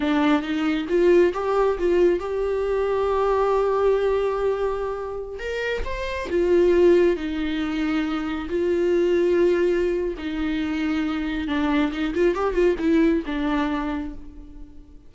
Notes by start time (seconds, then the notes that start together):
0.00 D4
0.42 D#4
0.88 F4
1.33 G4
1.78 F4
2.19 G4
5.39 A#4
5.84 C5
6.30 F4
7.16 D#4
8.49 F4
10.18 D#4
11.47 D4
11.92 D#4
12.14 F4
12.34 G4
12.53 F4
12.78 E4
13.26 D4